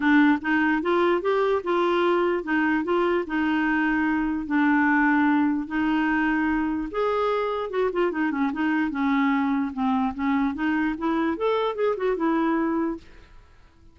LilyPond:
\new Staff \with { instrumentName = "clarinet" } { \time 4/4 \tempo 4 = 148 d'4 dis'4 f'4 g'4 | f'2 dis'4 f'4 | dis'2. d'4~ | d'2 dis'2~ |
dis'4 gis'2 fis'8 f'8 | dis'8 cis'8 dis'4 cis'2 | c'4 cis'4 dis'4 e'4 | a'4 gis'8 fis'8 e'2 | }